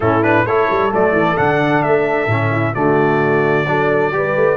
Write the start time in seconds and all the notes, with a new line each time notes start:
0.00 A2 C#4 E4 A4
0.22 D4 B4
0.45 A3 E4 A4 C#5
0.70 G3
0.91 F#3 A3 D5
1.12 E3
1.36 D3 D4 F#5
1.83 A3 E5
2.26 A2 C#4
2.51 E4
2.74 D3 A3 F#4 D5
3.67 F#3 D4 A4
4.12 G3 G4 B4
4.36 A3